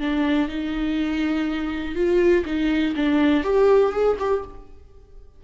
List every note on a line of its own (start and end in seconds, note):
0.00 0.48 D4
0.48 1.95 D#4
1.95 2.44 F4
2.45 2.95 D#4
2.96 3.44 D4
3.44 3.92 G4
3.92 4.17 G#4
4.19 4.44 G4